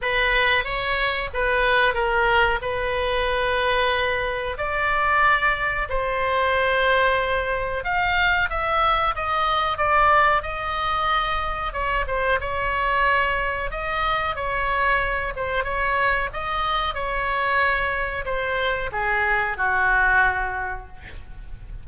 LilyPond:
\new Staff \with { instrumentName = "oboe" } { \time 4/4 \tempo 4 = 92 b'4 cis''4 b'4 ais'4 | b'2. d''4~ | d''4 c''2. | f''4 e''4 dis''4 d''4 |
dis''2 cis''8 c''8 cis''4~ | cis''4 dis''4 cis''4. c''8 | cis''4 dis''4 cis''2 | c''4 gis'4 fis'2 | }